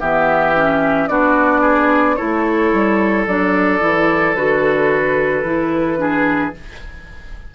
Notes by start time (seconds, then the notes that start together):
0.00 E3 B3 G4 E5
0.55 C#4
1.08 B3 D4 F#4 D5
1.61 G#4
2.16 A3 E4 A4 C#5
2.73 G3
3.27 F#3 D4 D5
3.80 E3 E4
4.34 D3 F#4 B4
5.43 E3 E4
5.97 D4 G#4